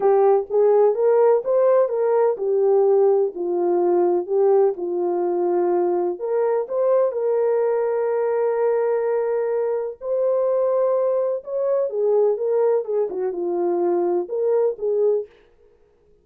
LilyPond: \new Staff \with { instrumentName = "horn" } { \time 4/4 \tempo 4 = 126 g'4 gis'4 ais'4 c''4 | ais'4 g'2 f'4~ | f'4 g'4 f'2~ | f'4 ais'4 c''4 ais'4~ |
ais'1~ | ais'4 c''2. | cis''4 gis'4 ais'4 gis'8 fis'8 | f'2 ais'4 gis'4 | }